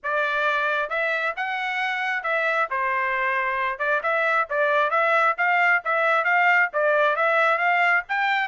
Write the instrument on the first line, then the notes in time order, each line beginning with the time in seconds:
trumpet
0.03 D5
0.89 E5
1.36 F#5
2.23 E5
2.70 C5
3.78 D5
4.03 E5
4.49 D5
4.90 E5
5.37 F5
5.84 E5
6.24 F5
6.73 D5
7.16 E5
7.58 F5
8.08 G5